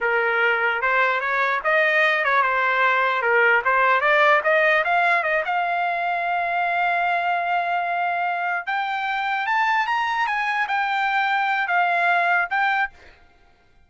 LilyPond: \new Staff \with { instrumentName = "trumpet" } { \time 4/4 \tempo 4 = 149 ais'2 c''4 cis''4 | dis''4. cis''8 c''2 | ais'4 c''4 d''4 dis''4 | f''4 dis''8 f''2~ f''8~ |
f''1~ | f''4. g''2 a''8~ | a''8 ais''4 gis''4 g''4.~ | g''4 f''2 g''4 | }